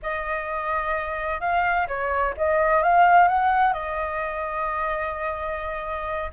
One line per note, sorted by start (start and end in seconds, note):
0.02 1.40 D#5
1.40 1.87 F5
1.87 2.34 C#5
2.37 2.83 D#5
2.83 3.28 F5
3.28 3.73 F#5
3.73 6.30 D#5